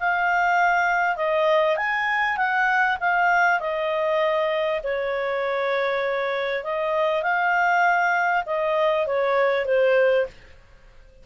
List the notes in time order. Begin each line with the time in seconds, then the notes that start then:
0.00 F5
1.16 D#5
1.77 G#5
2.37 F#5
3.00 F5
3.60 D#5
4.84 C#5
6.64 D#5
7.23 F5
8.46 D#5
9.07 C#5
9.66 C5